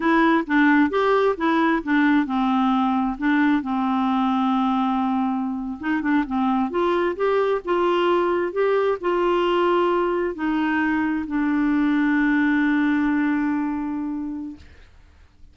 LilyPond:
\new Staff \with { instrumentName = "clarinet" } { \time 4/4 \tempo 4 = 132 e'4 d'4 g'4 e'4 | d'4 c'2 d'4 | c'1~ | c'8. dis'8 d'8 c'4 f'4 g'16~ |
g'8. f'2 g'4 f'16~ | f'2~ f'8. dis'4~ dis'16~ | dis'8. d'2.~ d'16~ | d'1 | }